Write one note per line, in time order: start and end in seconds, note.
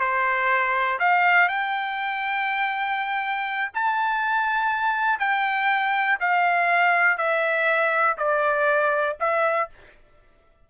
0.00 0.99 C5
1.00 1.49 F5
1.49 3.72 G5
3.74 5.20 A5
5.20 6.19 G5
6.20 7.18 F5
7.18 8.17 E5
8.18 9.17 D5
9.21 9.70 E5